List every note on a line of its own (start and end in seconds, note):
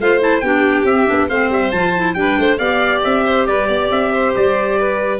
0.00 0.42 A3
0.00 0.20 F4
0.00 0.44 C5
0.00 0.22 F5
0.20 0.42 E4
0.20 0.40 A5
0.40 0.84 B3
0.40 0.87 D4
0.40 1.29 G4
0.40 0.84 G5
0.84 1.06 C4
0.84 1.07 C4
0.84 1.29 E5
1.07 1.30 B3
1.07 1.28 D4
1.29 1.50 A3
1.29 1.73 C4
1.29 2.15 C5
1.29 1.51 F5
1.50 1.71 G3
1.50 1.71 E5
1.71 2.15 F3
1.71 1.95 F4
1.71 2.14 A5
1.96 2.15 E4
2.14 2.37 G3
2.14 2.59 D4
2.14 2.57 G5
2.20 2.39 B4
2.39 2.59 A3
2.39 2.58 C5
2.58 3.03 B3
2.58 5.20 G4
2.58 3.23 D5
2.58 3.02 F5
3.03 3.48 C4
3.03 3.46 E5
3.26 3.47 C5
3.46 3.69 G3
3.46 3.68 B4
3.46 3.90 D5
3.68 3.91 B3
3.68 4.11 D5
3.91 4.35 C4
3.91 4.35 E5
4.14 4.79 C5
4.36 5.20 G3
4.36 5.20 D5
4.79 5.20 B4